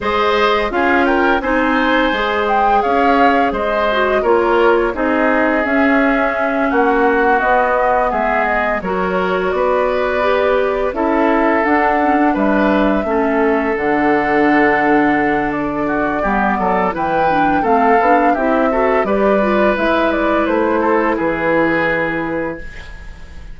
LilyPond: <<
  \new Staff \with { instrumentName = "flute" } { \time 4/4 \tempo 4 = 85 dis''4 f''8 g''8 gis''4. g''8 | f''4 dis''4 cis''4 dis''4 | e''4. fis''4 dis''4 e''8 | dis''8 cis''4 d''2 e''8~ |
e''8 fis''4 e''2 fis''8~ | fis''2 d''2 | g''4 f''4 e''4 d''4 | e''8 d''8 c''4 b'2 | }
  \new Staff \with { instrumentName = "oboe" } { \time 4/4 c''4 gis'8 ais'8 c''2 | cis''4 c''4 ais'4 gis'4~ | gis'4. fis'2 gis'8~ | gis'8 ais'4 b'2 a'8~ |
a'4. b'4 a'4.~ | a'2~ a'8 fis'8 g'8 a'8 | b'4 a'4 g'8 a'8 b'4~ | b'4. a'8 gis'2 | }
  \new Staff \with { instrumentName = "clarinet" } { \time 4/4 gis'4 f'4 dis'4 gis'4~ | gis'4. fis'8 f'4 dis'4 | cis'2~ cis'8 b4.~ | b8 fis'2 g'4 e'8~ |
e'8 d'8 cis'16 d'4~ d'16 cis'4 d'8~ | d'2. b4 | e'8 d'8 c'8 d'8 e'8 fis'8 g'8 f'8 | e'1 | }
  \new Staff \with { instrumentName = "bassoon" } { \time 4/4 gis4 cis'4 c'4 gis4 | cis'4 gis4 ais4 c'4 | cis'4. ais4 b4 gis8~ | gis8 fis4 b2 cis'8~ |
cis'8 d'4 g4 a4 d8~ | d2. g8 fis8 | e4 a8 b8 c'4 g4 | gis4 a4 e2 | }
>>